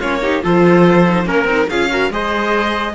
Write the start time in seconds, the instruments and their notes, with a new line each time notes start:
0.00 cello A#3, viola C#4, trumpet F4, violin C#5
0.22 viola D#4, trumpet G4
0.42 cello F3, viola F4, trumpet A4, violin C5
1.09 viola D#4
1.26 cello A#3, viola C#4, trumpet A#4, violin A#4
1.45 cello C4, viola D#4
1.70 cello C#4, viola F4, trumpet G#4, violin F5
1.90 viola F#4, trumpet A#4
2.10 cello G#3, viola G#4, trumpet C5, violin D#5